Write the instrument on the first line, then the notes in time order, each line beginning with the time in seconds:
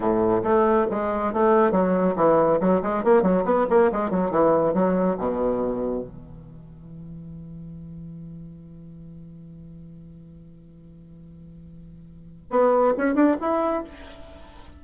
bassoon
0.00 A2
0.43 A3
0.90 G#3
1.33 A3
1.71 F#3
2.16 E3
2.60 F#3
2.82 G#3
3.04 A#3
3.22 F#3
3.44 B3
3.69 A#3
3.92 G#3
4.10 F#3
4.30 E3
4.73 F#3
5.18 B2
6.03 E3
12.50 B3
12.97 C#4
13.15 D4
13.40 E4